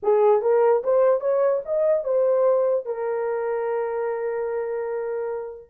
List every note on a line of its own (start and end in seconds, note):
0.02 0.41 G#4
0.41 0.82 A#4
0.83 1.20 C5
1.20 1.61 C#5
1.65 2.04 D#5
2.04 2.85 C5
2.85 5.70 A#4